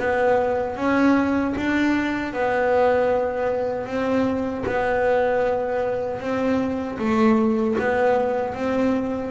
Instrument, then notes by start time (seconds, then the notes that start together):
double bass
0.00 B3
0.77 C#4
1.58 D4
2.34 B3
3.87 C4
4.66 B3
6.21 C4
6.99 A3
7.79 B3
8.55 C4